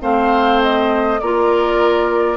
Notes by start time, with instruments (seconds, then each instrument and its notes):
0.00 bassoon A3, clarinet C4, oboe C5, flute F5
0.62 flute D#5
1.20 bassoon A#3, clarinet F4, oboe A#4, flute D5